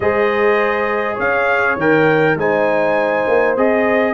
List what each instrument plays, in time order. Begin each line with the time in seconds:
0.00 tuba G#3, trombone G#4, horn C5, trumpet D#5
1.14 tuba C#4, horn C#5, trumpet F5
1.76 tuba D#3, trombone A#4, trumpet G5
2.35 tuba G#3, trombone D#4, horn C5, trumpet G#5
3.27 tuba A#3
3.56 tuba C4, trombone G#4, trumpet D#5